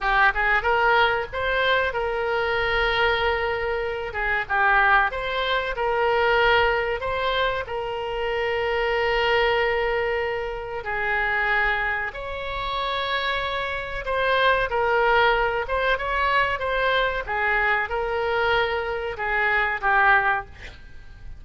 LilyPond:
\new Staff \with { instrumentName = "oboe" } { \time 4/4 \tempo 4 = 94 g'8 gis'8 ais'4 c''4 ais'4~ | ais'2~ ais'8 gis'8 g'4 | c''4 ais'2 c''4 | ais'1~ |
ais'4 gis'2 cis''4~ | cis''2 c''4 ais'4~ | ais'8 c''8 cis''4 c''4 gis'4 | ais'2 gis'4 g'4 | }